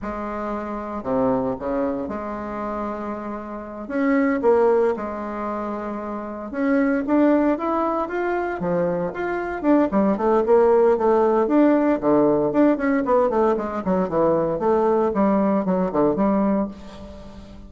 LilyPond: \new Staff \with { instrumentName = "bassoon" } { \time 4/4 \tempo 4 = 115 gis2 c4 cis4 | gis2.~ gis8 cis'8~ | cis'8 ais4 gis2~ gis8~ | gis8 cis'4 d'4 e'4 f'8~ |
f'8 f4 f'4 d'8 g8 a8 | ais4 a4 d'4 d4 | d'8 cis'8 b8 a8 gis8 fis8 e4 | a4 g4 fis8 d8 g4 | }